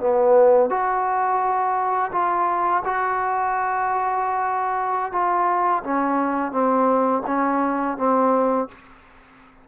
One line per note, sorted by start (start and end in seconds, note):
0.00 0.70 B3
0.70 2.11 F#4
2.12 2.83 F4
2.85 5.12 F#4
5.12 5.83 F4
5.84 6.52 C#4
6.52 7.23 C4
7.27 7.97 C#4
7.98 8.68 C4